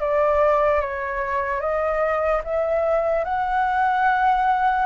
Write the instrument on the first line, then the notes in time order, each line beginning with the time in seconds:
flute
0.00 D5
0.81 C#5
1.61 D#5
2.44 E5
3.25 F#5